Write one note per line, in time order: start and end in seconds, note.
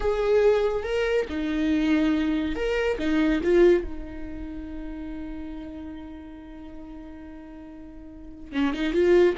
0.00 0.83 G#4
0.83 1.25 A#4
1.29 2.55 D#4
2.55 2.98 A#4
2.98 3.41 D#4
3.43 3.84 F4
3.84 8.52 D#4
8.52 8.73 C#4
8.73 8.93 D#4
8.93 9.35 F4